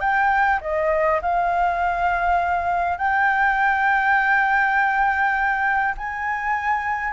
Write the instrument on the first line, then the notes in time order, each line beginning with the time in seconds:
flute
0.00 G5
0.61 D#5
1.22 F5
2.97 G5
5.97 G#5